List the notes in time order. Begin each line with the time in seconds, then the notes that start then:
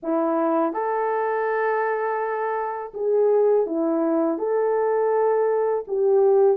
0.02 E4
0.73 A4
2.94 G#4
3.66 E4
4.38 A4
5.87 G4